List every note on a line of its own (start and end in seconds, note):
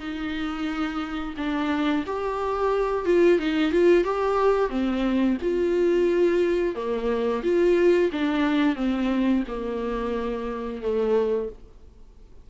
0.00 1.35 D#4
1.38 2.05 D4
2.07 3.06 G4
3.06 3.40 F4
3.40 3.72 D#4
3.72 4.04 F4
4.04 4.70 G4
4.70 5.38 C4
5.42 6.76 F4
6.76 7.43 A#3
7.44 8.11 F4
8.13 8.76 D4
8.76 9.44 C4
9.48 10.82 A#3
10.82 11.50 A3